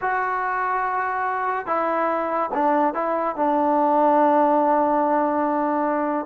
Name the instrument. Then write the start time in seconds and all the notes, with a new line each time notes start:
trombone
0.01 F#4
1.66 E4
2.54 D4
2.94 E4
3.36 D4